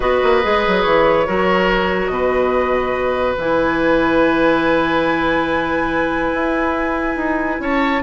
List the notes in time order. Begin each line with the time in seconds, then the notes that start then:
0.00 B3 F#4 B4 D#5
0.23 A#3
0.42 G#3 G#4
0.67 F#3
0.82 E3 C#5
1.26 F#3 F#4 A#4
2.07 B2 B4 D#5
3.37 E3 E4 G#5
6.33 E4
7.16 D#4
7.59 C#4 C#5 A5